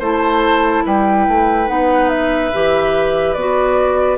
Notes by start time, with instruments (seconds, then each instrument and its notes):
0.00 bassoon A3, clarinet E4, oboe C5, flute A5
0.86 bassoon G3, oboe B4, flute G5
1.28 bassoon A3
1.68 bassoon B3, clarinet D#4, flute F#5
2.10 flute E5
2.53 bassoon E3, clarinet G4
3.34 bassoon B3, clarinet F#4, flute D5